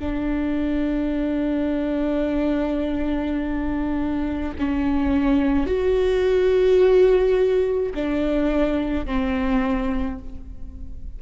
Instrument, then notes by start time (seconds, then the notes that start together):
viola
0.00 D4
4.59 C#4
5.67 F#4
7.95 D4
9.06 C4